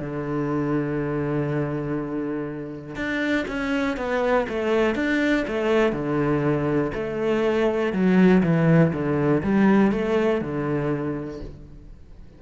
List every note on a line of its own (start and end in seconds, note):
0.00 2.96 D3
2.96 3.46 D4
3.48 3.97 C#4
3.97 4.47 B3
4.49 4.95 A3
4.95 5.45 D4
5.48 5.93 A3
5.93 6.92 D3
6.94 7.93 A3
7.93 8.43 F#3
8.43 8.93 E3
8.93 9.43 D3
9.43 9.92 G3
9.92 10.42 A3
10.42 11.41 D3